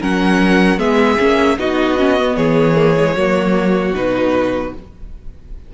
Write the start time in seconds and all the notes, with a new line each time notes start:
0.00 F#3 C#4 A#4 F#5
0.78 G#3 B3 G#4 E5
1.18 A#3 C#4
1.58 B3 D#4 F#4 D#5
1.98 C#4
2.18 B3
2.36 E3 G#4 C#5
2.75 A#3
2.97 G#3
3.15 F#3 A#3 F#4
3.93 B2 D#4 B4